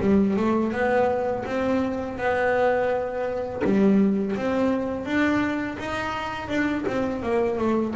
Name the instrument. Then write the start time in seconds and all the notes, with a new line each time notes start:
double bass
0.00 G3
0.36 A3
0.72 B3
1.45 C4
2.18 B3
3.64 G3
4.36 C4
5.05 D4
5.78 D#4
6.48 D4
6.87 C4
7.22 A#3
7.58 A3